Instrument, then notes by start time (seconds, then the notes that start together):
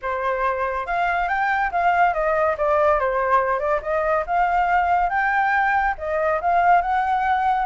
flute
0.02 C5
0.86 F5
1.28 G5
1.71 F5
2.13 D#5
2.57 D5
2.99 C5
3.59 D5
3.82 D#5
4.26 F5
5.09 G5
5.97 D#5
6.41 F5
6.81 F#5